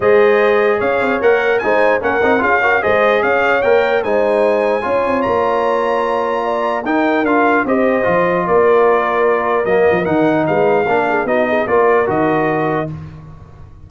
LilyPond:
<<
  \new Staff \with { instrumentName = "trumpet" } { \time 4/4 \tempo 4 = 149 dis''2 f''4 fis''4 | gis''4 fis''4 f''4 dis''4 | f''4 g''4 gis''2~ | gis''4 ais''2.~ |
ais''4 g''4 f''4 dis''4~ | dis''4 d''2. | dis''4 fis''4 f''2 | dis''4 d''4 dis''2 | }
  \new Staff \with { instrumentName = "horn" } { \time 4/4 c''2 cis''2 | c''4 ais'4 gis'8 ais'8 c''4 | cis''2 c''2 | cis''1 |
d''4 ais'2 c''4~ | c''4 ais'2.~ | ais'2 b'4 ais'8 gis'8 | fis'8 gis'8 ais'2. | }
  \new Staff \with { instrumentName = "trombone" } { \time 4/4 gis'2. ais'4 | dis'4 cis'8 dis'8 f'8 fis'8 gis'4~ | gis'4 ais'4 dis'2 | f'1~ |
f'4 dis'4 f'4 g'4 | f'1 | ais4 dis'2 d'4 | dis'4 f'4 fis'2 | }
  \new Staff \with { instrumentName = "tuba" } { \time 4/4 gis2 cis'8 c'8 ais4 | gis4 ais8 c'8 cis'4 gis4 | cis'4 ais4 gis2 | cis'8 c'8 ais2.~ |
ais4 dis'4 d'4 c'4 | f4 ais2. | fis8 f8 dis4 gis4 ais4 | b4 ais4 dis2 | }
>>